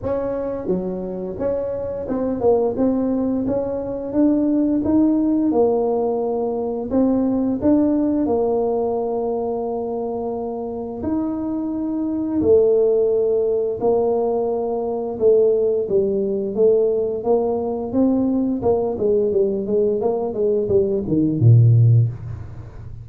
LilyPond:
\new Staff \with { instrumentName = "tuba" } { \time 4/4 \tempo 4 = 87 cis'4 fis4 cis'4 c'8 ais8 | c'4 cis'4 d'4 dis'4 | ais2 c'4 d'4 | ais1 |
dis'2 a2 | ais2 a4 g4 | a4 ais4 c'4 ais8 gis8 | g8 gis8 ais8 gis8 g8 dis8 ais,4 | }